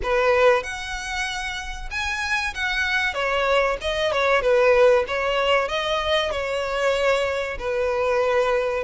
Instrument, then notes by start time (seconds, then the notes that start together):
violin
0.02 B4
0.63 F#5
1.90 G#5
2.54 F#5
3.13 C#5
3.81 D#5
4.12 C#5
4.41 B4
5.07 C#5
5.68 D#5
6.31 C#5
7.58 B4